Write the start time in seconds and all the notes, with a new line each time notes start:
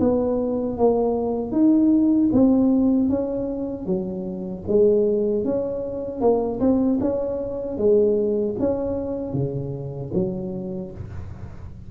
0.00 B3
0.78 A#3
1.52 D#4
2.33 C4
3.09 C#4
3.86 F#3
4.68 G#3
5.45 C#4
6.21 A#3
6.60 C4
7.01 C#4
7.78 G#3
8.60 C#4
9.34 C#3
10.14 F#3